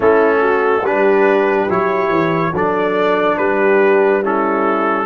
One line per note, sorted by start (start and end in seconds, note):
0.00 0.82 A3
0.00 0.82 C#4
0.00 0.40 E4
0.00 0.85 A4
0.41 0.83 F#4
0.82 1.67 G3
0.82 1.69 D4
0.82 2.53 G4
0.82 1.70 B4
1.69 2.09 F#3
1.69 2.53 E4
1.69 2.55 C#5
2.09 2.52 E3
2.52 3.37 F#3
2.52 4.23 D4
2.52 3.37 A4
2.52 3.37 D5
3.37 5.06 G3
3.37 4.21 G4
3.37 4.22 B4
4.21 5.06 C#4
4.21 5.06 E4
4.21 5.06 A4